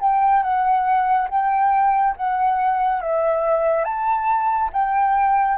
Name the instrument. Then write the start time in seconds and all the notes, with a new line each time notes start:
flute
0.00 G5
0.42 F#5
1.29 G5
2.16 F#5
3.01 E5
3.85 A5
4.73 G5